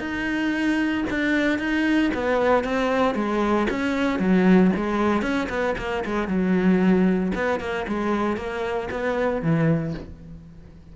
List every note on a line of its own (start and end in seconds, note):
0.00 1.04 D#4
1.11 1.59 D4
1.59 2.12 D#4
2.14 2.64 B3
2.64 3.15 C4
3.15 3.67 G#3
3.70 4.20 C#4
4.20 4.72 F#3
4.76 5.22 G#3
5.22 5.49 C#4
5.49 5.76 B3
5.78 6.04 A#3
6.06 6.28 G#3
6.28 7.33 F#3
7.35 7.60 B3
7.60 7.86 A#3
7.88 8.37 G#3
8.37 8.89 A#3
8.91 9.42 B3
9.42 9.94 E3